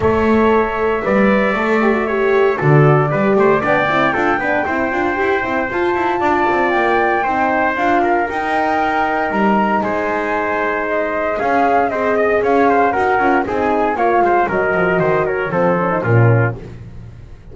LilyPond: <<
  \new Staff \with { instrumentName = "flute" } { \time 4/4 \tempo 4 = 116 e''1~ | e''4 d''2 g''4~ | g''2. a''4~ | a''4 g''2 f''4 |
g''2 ais''4 gis''4~ | gis''4 dis''4 f''4 dis''4 | f''4 fis''4 gis''4 f''4 | dis''4. cis''8 c''4 ais'4 | }
  \new Staff \with { instrumentName = "trumpet" } { \time 4/4 cis''2 d''2 | cis''4 a'4 b'8 c''8 d''4 | a'8 b'8 c''2. | d''2 c''4. ais'8~ |
ais'2. c''4~ | c''2 gis'4 c''8 dis''8 | cis''8 c''8 ais'4 gis'4 cis''8 c''8 | ais'4 c''8 ais'8 a'4 f'4 | }
  \new Staff \with { instrumentName = "horn" } { \time 4/4 a'2 b'4 a'8 g'16 fis'16 | g'4 fis'4 g'4 d'8 e'8 | f'8 d'8 e'8 f'8 g'8 e'8 f'4~ | f'2 dis'4 f'4 |
dis'1~ | dis'2 cis'4 gis'4~ | gis'4 fis'8 f'8 dis'4 f'4 | fis'2 c'8 cis'16 dis'16 cis'4 | }
  \new Staff \with { instrumentName = "double bass" } { \time 4/4 a2 g4 a4~ | a4 d4 g8 a8 b8 c'8 | d'8 b8 c'8 d'8 e'8 c'8 f'8 e'8 | d'8 c'8 ais4 c'4 d'4 |
dis'2 g4 gis4~ | gis2 cis'4 c'4 | cis'4 dis'8 cis'8 c'4 ais8 gis8 | fis8 f8 dis4 f4 ais,4 | }
>>